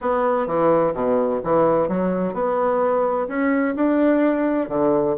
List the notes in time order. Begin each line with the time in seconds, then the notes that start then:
0.01 B3
0.46 E3
0.94 B2
1.43 E3
1.88 F#3
2.33 B3
3.28 C#4
3.75 D4
4.69 D3